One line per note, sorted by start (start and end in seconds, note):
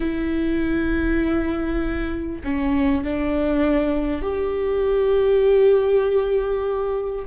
0.00 2.41 E4
2.44 3.04 C#4
3.04 4.22 D4
4.22 7.25 G4